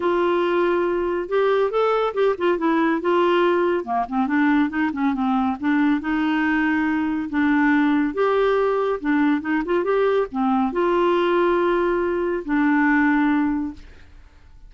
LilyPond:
\new Staff \with { instrumentName = "clarinet" } { \time 4/4 \tempo 4 = 140 f'2. g'4 | a'4 g'8 f'8 e'4 f'4~ | f'4 ais8 c'8 d'4 dis'8 cis'8 | c'4 d'4 dis'2~ |
dis'4 d'2 g'4~ | g'4 d'4 dis'8 f'8 g'4 | c'4 f'2.~ | f'4 d'2. | }